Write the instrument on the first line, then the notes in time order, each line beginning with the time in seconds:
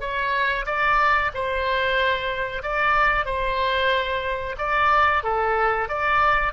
oboe
0.00 C#5
0.66 D5
1.34 C5
2.62 D5
3.25 C5
4.58 D5
5.23 A4
5.89 D5